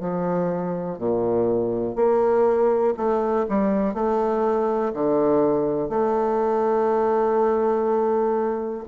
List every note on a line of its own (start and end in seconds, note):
0.00 0.98 F3
0.98 1.95 A#2
1.95 2.94 A#3
2.96 3.46 A3
3.49 3.94 G3
3.94 4.93 A3
4.94 5.89 D3
5.89 8.84 A3